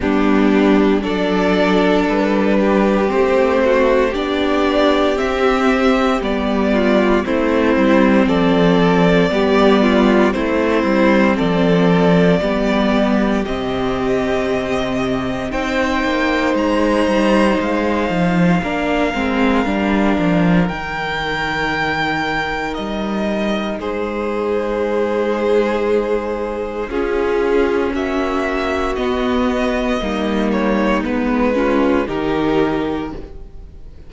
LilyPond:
<<
  \new Staff \with { instrumentName = "violin" } { \time 4/4 \tempo 4 = 58 g'4 d''4 b'4 c''4 | d''4 e''4 d''4 c''4 | d''2 c''4 d''4~ | d''4 dis''2 g''4 |
ais''4 f''2. | g''2 dis''4 c''4~ | c''2 gis'4 e''4 | dis''4. cis''8 b'4 ais'4 | }
  \new Staff \with { instrumentName = "violin" } { \time 4/4 d'4 a'4. g'4 fis'8 | g'2~ g'8 f'8 e'4 | a'4 g'8 f'8 e'4 a'4 | g'2. c''4~ |
c''2 ais'2~ | ais'2. gis'4~ | gis'2 f'4 fis'4~ | fis'4 dis'4. f'8 g'4 | }
  \new Staff \with { instrumentName = "viola" } { \time 4/4 b4 d'2 c'4 | d'4 c'4 b4 c'4~ | c'4 b4 c'2 | b4 c'2 dis'4~ |
dis'2 d'8 c'8 d'4 | dis'1~ | dis'2 cis'2 | b4 ais4 b8 cis'8 dis'4 | }
  \new Staff \with { instrumentName = "cello" } { \time 4/4 g4 fis4 g4 a4 | b4 c'4 g4 a8 g8 | f4 g4 a8 g8 f4 | g4 c2 c'8 ais8 |
gis8 g8 gis8 f8 ais8 gis8 g8 f8 | dis2 g4 gis4~ | gis2 cis'4 ais4 | b4 g4 gis4 dis4 | }
>>